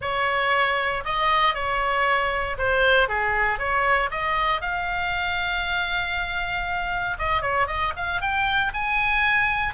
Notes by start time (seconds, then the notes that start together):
0.01 C#5
1.04 D#5
1.54 C#5
2.58 C5
3.08 G#4
3.58 C#5
4.10 D#5
4.61 F5
7.18 D#5
7.41 C#5
7.67 D#5
7.96 F5
8.21 G5
8.73 G#5